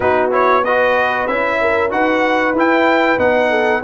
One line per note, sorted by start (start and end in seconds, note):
0.00 1.27 B3
0.00 0.31 D#4
0.00 0.64 F#4
0.00 0.30 B4
0.31 0.63 E4
0.31 0.64 C#5
0.64 1.28 F#4
0.64 1.59 B4
0.64 1.27 D#5
1.27 1.91 C#4
1.27 1.89 E4
1.27 1.91 E5
1.61 1.92 A#4
1.89 2.53 D#4
1.89 2.53 F#4
1.89 3.49 B4
1.89 2.55 F#5
2.53 3.17 E4
2.53 3.18 E4
2.53 3.19 G5
3.18 3.82 B3
3.18 3.82 D#4
3.18 3.83 F#5
3.49 3.81 A4